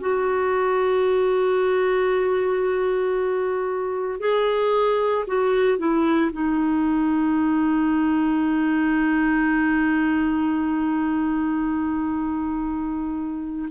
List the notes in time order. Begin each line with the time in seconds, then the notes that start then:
0.00 F#4
4.20 G#4
5.27 F#4
5.78 E4
6.32 D#4